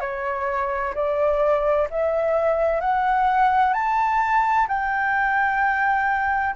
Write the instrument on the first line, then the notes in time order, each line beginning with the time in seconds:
flute
0.00 C#5
0.94 D5
1.90 E5
2.80 F#5
3.73 A5
4.68 G5